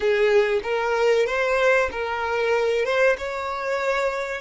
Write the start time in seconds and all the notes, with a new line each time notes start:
0.00 G#4
0.63 A#4
1.26 C5
1.91 A#4
2.84 C5
3.18 C#5